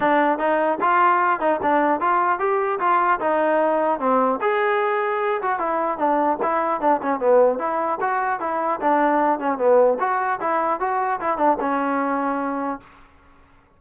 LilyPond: \new Staff \with { instrumentName = "trombone" } { \time 4/4 \tempo 4 = 150 d'4 dis'4 f'4. dis'8 | d'4 f'4 g'4 f'4 | dis'2 c'4 gis'4~ | gis'4. fis'8 e'4 d'4 |
e'4 d'8 cis'8 b4 e'4 | fis'4 e'4 d'4. cis'8 | b4 fis'4 e'4 fis'4 | e'8 d'8 cis'2. | }